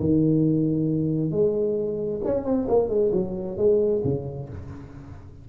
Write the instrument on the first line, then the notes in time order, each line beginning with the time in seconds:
tuba
0.00 D#3
1.32 G#3
2.25 C#4
2.45 C4
2.69 A#3
2.89 G#3
3.13 F#3
3.58 G#3
4.05 C#3